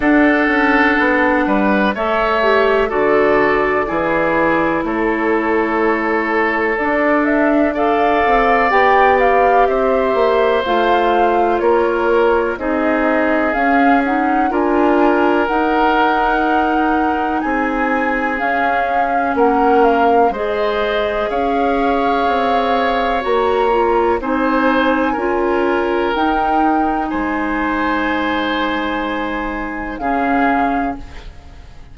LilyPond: <<
  \new Staff \with { instrumentName = "flute" } { \time 4/4 \tempo 4 = 62 fis''2 e''4 d''4~ | d''4 cis''2 d''8 e''8 | f''4 g''8 f''8 e''4 f''4 | cis''4 dis''4 f''8 fis''8 gis''4 |
fis''2 gis''4 f''4 | fis''8 f''8 dis''4 f''2 | ais''4 gis''2 g''4 | gis''2. f''4 | }
  \new Staff \with { instrumentName = "oboe" } { \time 4/4 a'4. b'8 cis''4 a'4 | gis'4 a'2. | d''2 c''2 | ais'4 gis'2 ais'4~ |
ais'2 gis'2 | ais'4 c''4 cis''2~ | cis''4 c''4 ais'2 | c''2. gis'4 | }
  \new Staff \with { instrumentName = "clarinet" } { \time 4/4 d'2 a'8 g'8 fis'4 | e'2. d'4 | a'4 g'2 f'4~ | f'4 dis'4 cis'8 dis'8 f'4 |
dis'2. cis'4~ | cis'4 gis'2. | fis'8 f'8 dis'4 f'4 dis'4~ | dis'2. cis'4 | }
  \new Staff \with { instrumentName = "bassoon" } { \time 4/4 d'8 cis'8 b8 g8 a4 d4 | e4 a2 d'4~ | d'8 c'8 b4 c'8 ais8 a4 | ais4 c'4 cis'4 d'4 |
dis'2 c'4 cis'4 | ais4 gis4 cis'4 c'4 | ais4 c'4 cis'4 dis'4 | gis2. cis4 | }
>>